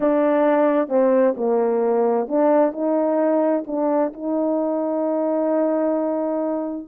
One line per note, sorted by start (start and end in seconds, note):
0.00 0.88 D4
0.88 1.34 C4
1.36 2.28 A#3
2.28 2.72 D4
2.72 3.64 D#4
3.66 4.12 D4
4.13 6.87 D#4